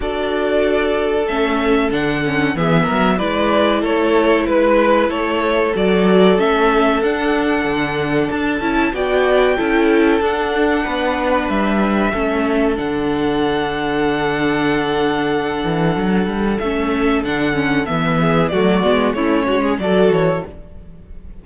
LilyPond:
<<
  \new Staff \with { instrumentName = "violin" } { \time 4/4 \tempo 4 = 94 d''2 e''4 fis''4 | e''4 d''4 cis''4 b'4 | cis''4 d''4 e''4 fis''4~ | fis''4 a''4 g''2 |
fis''2 e''2 | fis''1~ | fis''2 e''4 fis''4 | e''4 d''4 cis''4 d''8 cis''8 | }
  \new Staff \with { instrumentName = "violin" } { \time 4/4 a'1 | gis'8 ais'8 b'4 a'4 b'4 | a'1~ | a'2 d''4 a'4~ |
a'4 b'2 a'4~ | a'1~ | a'1~ | a'8 gis'8 fis'4 e'8 fis'16 gis'16 a'4 | }
  \new Staff \with { instrumentName = "viola" } { \time 4/4 fis'2 cis'4 d'8 cis'8 | b4 e'2.~ | e'4 fis'4 cis'4 d'4~ | d'4. e'8 fis'4 e'4 |
d'2. cis'4 | d'1~ | d'2 cis'4 d'8 cis'8 | b4 a8 b8 cis'4 fis'4 | }
  \new Staff \with { instrumentName = "cello" } { \time 4/4 d'2 a4 d4 | e8 fis8 gis4 a4 gis4 | a4 fis4 a4 d'4 | d4 d'8 cis'8 b4 cis'4 |
d'4 b4 g4 a4 | d1~ | d8 e8 fis8 g8 a4 d4 | e4 fis8 gis8 a8 gis8 fis8 e8 | }
>>